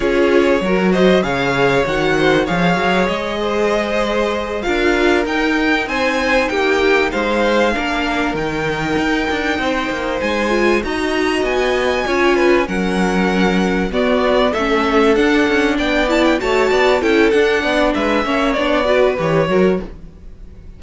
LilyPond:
<<
  \new Staff \with { instrumentName = "violin" } { \time 4/4 \tempo 4 = 97 cis''4. dis''8 f''4 fis''4 | f''4 dis''2~ dis''8 f''8~ | f''8 g''4 gis''4 g''4 f''8~ | f''4. g''2~ g''8~ |
g''8 gis''4 ais''4 gis''4.~ | gis''8 fis''2 d''4 e''8~ | e''8 fis''4 g''8 a''16 g''16 a''4 g''8 | fis''4 e''4 d''4 cis''4 | }
  \new Staff \with { instrumentName = "violin" } { \time 4/4 gis'4 ais'8 c''8 cis''4. c''8 | cis''4. c''2 ais'8~ | ais'4. c''4 g'4 c''8~ | c''8 ais'2. c''8~ |
c''4. dis''2 cis''8 | b'8 ais'2 fis'4 a'8~ | a'4. d''4 cis''8 d''8 a'8~ | a'8 d''8 b'8 cis''4 b'4 ais'8 | }
  \new Staff \with { instrumentName = "viola" } { \time 4/4 f'4 fis'4 gis'4 fis'4 | gis'2.~ gis'8 f'8~ | f'8 dis'2.~ dis'8~ | dis'8 d'4 dis'2~ dis'8~ |
dis'4 f'8 fis'2 f'8~ | f'8 cis'2 b4 cis'8~ | cis'8 d'4. e'8 fis'4 e'8 | d'4. cis'8 d'8 fis'8 g'8 fis'8 | }
  \new Staff \with { instrumentName = "cello" } { \time 4/4 cis'4 fis4 cis4 dis4 | f8 fis8 gis2~ gis8 d'8~ | d'8 dis'4 c'4 ais4 gis8~ | gis8 ais4 dis4 dis'8 d'8 c'8 |
ais8 gis4 dis'4 b4 cis'8~ | cis'8 fis2 b4 a8~ | a8 d'8 cis'8 b4 a8 b8 cis'8 | d'8 b8 gis8 ais8 b4 e8 fis8 | }
>>